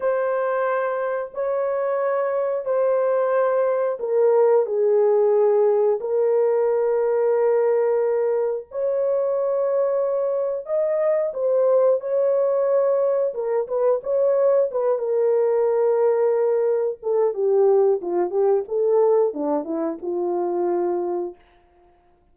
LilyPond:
\new Staff \with { instrumentName = "horn" } { \time 4/4 \tempo 4 = 90 c''2 cis''2 | c''2 ais'4 gis'4~ | gis'4 ais'2.~ | ais'4 cis''2. |
dis''4 c''4 cis''2 | ais'8 b'8 cis''4 b'8 ais'4.~ | ais'4. a'8 g'4 f'8 g'8 | a'4 d'8 e'8 f'2 | }